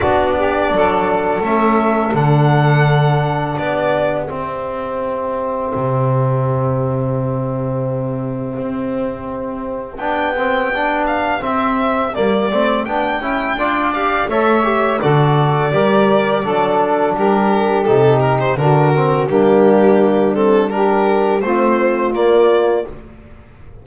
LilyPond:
<<
  \new Staff \with { instrumentName = "violin" } { \time 4/4 \tempo 4 = 84 d''2 e''4 fis''4~ | fis''4 d''4 e''2~ | e''1~ | e''2 g''4. f''8 |
e''4 d''4 g''4. f''8 | e''4 d''2. | ais'4 a'8 ais'16 c''16 ais'4 g'4~ | g'8 a'8 ais'4 c''4 d''4 | }
  \new Staff \with { instrumentName = "saxophone" } { \time 4/4 fis'8 g'8 a'2.~ | a'4 g'2.~ | g'1~ | g'1~ |
g'2. d''4 | cis''4 a'4 ais'4 a'4 | g'2 fis'4 d'4~ | d'4 g'4 f'2 | }
  \new Staff \with { instrumentName = "trombone" } { \time 4/4 d'2 cis'4 d'4~ | d'2 c'2~ | c'1~ | c'2 d'8 c'8 d'4 |
c'4 ais8 c'8 d'8 e'8 f'8 g'8 | a'8 g'8 fis'4 g'4 d'4~ | d'4 dis'4 d'8 c'8 ais4~ | ais8 c'8 d'4 c'4 ais4 | }
  \new Staff \with { instrumentName = "double bass" } { \time 4/4 b4 fis4 a4 d4~ | d4 b4 c'2 | c1 | c'2 b2 |
c'4 g8 a8 b8 cis'8 d'4 | a4 d4 g4 fis4 | g4 c4 d4 g4~ | g2 a4 ais4 | }
>>